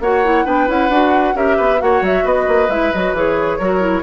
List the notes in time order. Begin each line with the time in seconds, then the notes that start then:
0.00 A#3 F#4 C#5 F#5
0.25 E4
0.45 B3 D4 B4 G5
0.67 C#4 E4 F#5
0.89 D4 F#4
1.34 C#4 G4 A#4 E5
1.57 B3 B4
1.79 A#3 F#4 C#5 F#5
2.02 F#3 E5
2.24 B3 B4 D#5
2.48 A#3
2.69 G#3 E4 E5
2.93 F#3 F#4 D#5
3.13 E3 G#4 C#5
3.58 F#3 F#4 A#4
3.80 E4